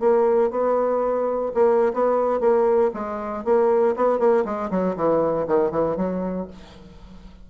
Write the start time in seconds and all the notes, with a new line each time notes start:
0.00 A#3
0.51 B3
1.55 A#3
1.94 B3
2.40 A#3
2.94 G#3
3.45 A#3
3.96 B3
4.19 A#3
4.45 G#3
4.71 F#3
4.96 E3
5.48 D#3
5.71 E3
5.97 F#3